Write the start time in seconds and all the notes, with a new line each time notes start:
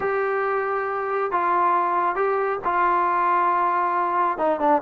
0.00 G4
1.31 F4
2.15 G4
2.64 F4
4.38 D#4
4.60 D4